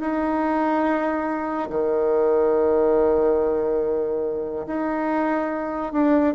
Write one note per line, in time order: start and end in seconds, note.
0.00 1.69 D#4
1.70 4.66 D#3
4.67 5.93 D#4
5.93 6.35 D4